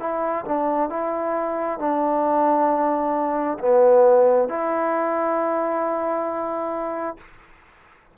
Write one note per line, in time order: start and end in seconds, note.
0.00 0.45 E4
0.45 0.90 D4
0.90 1.79 E4
1.79 3.58 D4
3.59 4.49 B3
4.49 7.17 E4